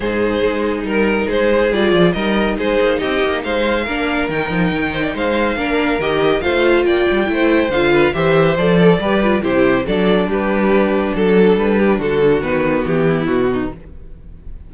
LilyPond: <<
  \new Staff \with { instrumentName = "violin" } { \time 4/4 \tempo 4 = 140 c''2 ais'4 c''4 | d''4 dis''4 c''4 dis''4 | f''2 g''2 | f''2 dis''4 f''4 |
g''2 f''4 e''4 | d''2 c''4 d''4 | b'2 a'4 b'4 | a'4 b'4 g'4 fis'4 | }
  \new Staff \with { instrumentName = "violin" } { \time 4/4 gis'2 ais'4 gis'4~ | gis'4 ais'4 gis'4 g'4 | c''4 ais'2~ ais'8 c''16 d''16 | c''4 ais'2 c''4 |
d''4 c''4. b'8 c''4~ | c''8 a'8 b'4 g'4 a'4 | g'2 a'4. g'8 | fis'2~ fis'8 e'4 dis'8 | }
  \new Staff \with { instrumentName = "viola" } { \time 4/4 dis'1 | f'4 dis'2.~ | dis'4 d'4 dis'2~ | dis'4 d'4 g'4 f'4~ |
f'4 e'4 f'4 g'4 | a'4 g'8 f'8 e'4 d'4~ | d'1~ | d'4 b2. | }
  \new Staff \with { instrumentName = "cello" } { \time 4/4 gis,4 gis4 g4 gis4 | g8 f8 g4 gis8 ais8 c'8 ais8 | gis4 ais4 dis8 f8 dis4 | gis4 ais4 dis4 a4 |
ais8 g8 a4 d4 e4 | f4 g4 c4 fis4 | g2 fis4 g4 | d4 dis4 e4 b,4 | }
>>